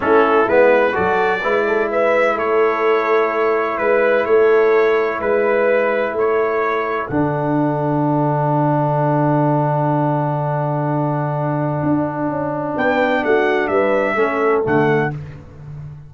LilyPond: <<
  \new Staff \with { instrumentName = "trumpet" } { \time 4/4 \tempo 4 = 127 a'4 b'4 d''2 | e''4 cis''2. | b'4 cis''2 b'4~ | b'4 cis''2 fis''4~ |
fis''1~ | fis''1~ | fis''2. g''4 | fis''4 e''2 fis''4 | }
  \new Staff \with { instrumentName = "horn" } { \time 4/4 e'2 a'4 b'8 a'8 | b'4 a'2. | b'4 a'2 b'4~ | b'4 a'2.~ |
a'1~ | a'1~ | a'2. b'4 | fis'4 b'4 a'2 | }
  \new Staff \with { instrumentName = "trombone" } { \time 4/4 cis'4 b4 fis'4 e'4~ | e'1~ | e'1~ | e'2. d'4~ |
d'1~ | d'1~ | d'1~ | d'2 cis'4 a4 | }
  \new Staff \with { instrumentName = "tuba" } { \time 4/4 a4 gis4 fis4 gis4~ | gis4 a2. | gis4 a2 gis4~ | gis4 a2 d4~ |
d1~ | d1~ | d4 d'4 cis'4 b4 | a4 g4 a4 d4 | }
>>